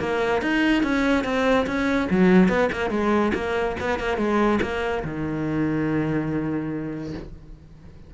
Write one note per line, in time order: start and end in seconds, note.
0.00 0.42 A#3
0.42 0.83 D#4
0.83 1.24 C#4
1.24 1.66 C4
1.66 2.08 C#4
2.11 2.49 F#3
2.49 2.70 B3
2.72 2.90 A#3
2.90 3.32 G#3
3.34 3.76 A#3
3.80 4.00 B3
4.00 4.17 A#3
4.17 4.59 G#3
4.62 5.04 A#3
5.04 7.14 D#3